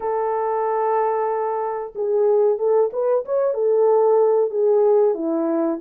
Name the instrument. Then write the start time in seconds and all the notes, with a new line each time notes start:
horn
0.00 A4
1.95 G#4
2.58 A4
2.92 B4
3.25 C#5
3.54 A4
4.50 G#4
5.14 E4